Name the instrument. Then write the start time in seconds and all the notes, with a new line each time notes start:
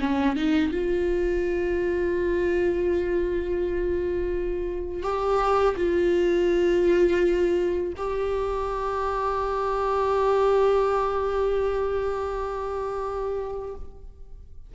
viola
0.00 C#4
0.36 D#4
0.72 F4
5.03 G4
5.77 F4
7.97 G4